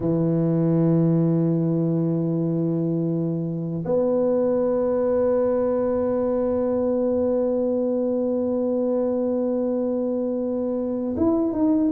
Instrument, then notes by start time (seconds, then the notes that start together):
tuba
0.00 E3
3.85 B3
11.16 E4
11.52 D#4